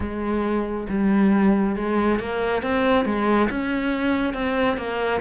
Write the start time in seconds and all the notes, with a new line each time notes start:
0.00 G#3
0.89 G3
1.75 G#3
2.19 A#3
2.62 C4
3.05 G#3
3.50 C#4
4.33 C4
4.77 A#3